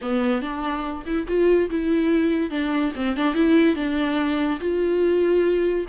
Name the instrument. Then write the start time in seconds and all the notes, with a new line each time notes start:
viola
0.01 B3
0.41 D4
1.05 E4
1.27 F4
1.69 E4
2.50 D4
2.95 C4
3.16 D4
3.34 E4
3.75 D4
4.60 F4